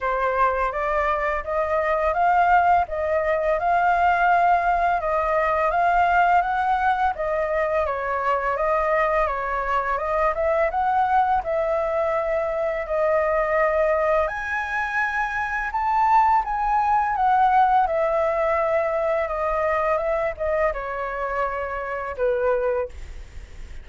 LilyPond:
\new Staff \with { instrumentName = "flute" } { \time 4/4 \tempo 4 = 84 c''4 d''4 dis''4 f''4 | dis''4 f''2 dis''4 | f''4 fis''4 dis''4 cis''4 | dis''4 cis''4 dis''8 e''8 fis''4 |
e''2 dis''2 | gis''2 a''4 gis''4 | fis''4 e''2 dis''4 | e''8 dis''8 cis''2 b'4 | }